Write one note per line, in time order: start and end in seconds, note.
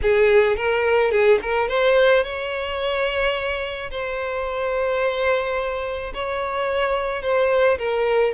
0.02 0.56 G#4
0.56 1.11 A#4
1.11 1.39 G#4
1.42 1.68 A#4
1.68 2.23 C5
2.23 3.90 C#5
3.90 6.13 C5
6.13 7.22 C#5
7.22 7.78 C5
7.78 8.33 A#4